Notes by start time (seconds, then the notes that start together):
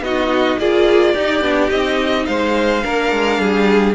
0.00 B3 D#4 F#4 D#5
0.58 A#3 F4 G#4 D5
1.13 D#4 G4
1.41 B3 D4
1.69 C4 D#4 D#5
2.25 G#3 C5 F5
2.82 A#3 D4 A#4
3.12 G#3
3.38 G3 G#4